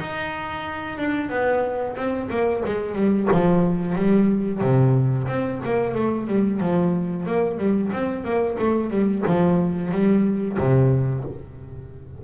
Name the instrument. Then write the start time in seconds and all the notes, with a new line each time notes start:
double bass
0.00 D#4
0.99 D4
1.30 B3
1.96 C4
2.30 A#3
2.66 G#3
2.96 G3
3.32 F3
3.96 G3
4.61 C3
5.28 C4
5.65 A#3
5.95 A3
6.28 G3
6.61 F3
7.26 A#3
7.58 G3
7.93 C4
8.24 A#3
8.59 A3
8.90 G3
9.27 F3
9.92 G3
10.58 C3